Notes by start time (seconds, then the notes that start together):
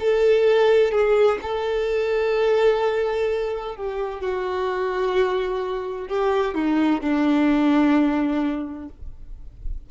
0.00 A4
0.92 G#4
1.42 A4
3.76 G4
4.21 F#4
6.08 G4
6.55 D#4
7.01 D4